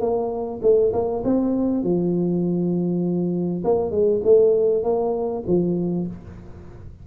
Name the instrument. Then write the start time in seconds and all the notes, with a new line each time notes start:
tuba
0.00 A#3
0.62 A3
0.93 A#3
1.24 C4
1.83 F3
3.64 A#3
3.91 G#3
4.23 A3
4.83 A#3
5.47 F3